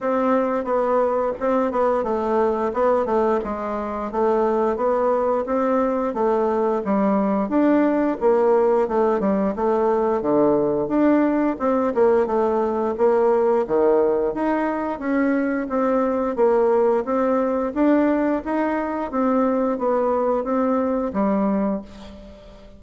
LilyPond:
\new Staff \with { instrumentName = "bassoon" } { \time 4/4 \tempo 4 = 88 c'4 b4 c'8 b8 a4 | b8 a8 gis4 a4 b4 | c'4 a4 g4 d'4 | ais4 a8 g8 a4 d4 |
d'4 c'8 ais8 a4 ais4 | dis4 dis'4 cis'4 c'4 | ais4 c'4 d'4 dis'4 | c'4 b4 c'4 g4 | }